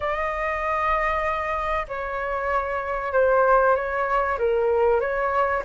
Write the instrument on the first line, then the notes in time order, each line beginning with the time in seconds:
flute
0.00 D#5
1.88 C#5
3.12 C5
3.75 C#5
4.38 A#4
5.00 C#5